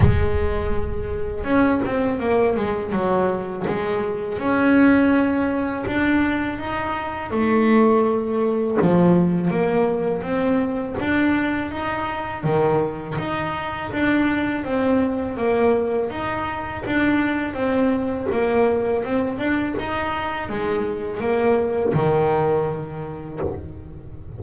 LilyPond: \new Staff \with { instrumentName = "double bass" } { \time 4/4 \tempo 4 = 82 gis2 cis'8 c'8 ais8 gis8 | fis4 gis4 cis'2 | d'4 dis'4 a2 | f4 ais4 c'4 d'4 |
dis'4 dis4 dis'4 d'4 | c'4 ais4 dis'4 d'4 | c'4 ais4 c'8 d'8 dis'4 | gis4 ais4 dis2 | }